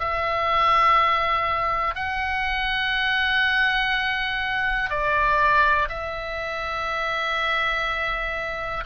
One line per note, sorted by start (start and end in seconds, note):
0.00 1.96 E5
1.96 4.90 F#5
4.90 5.89 D5
5.89 8.84 E5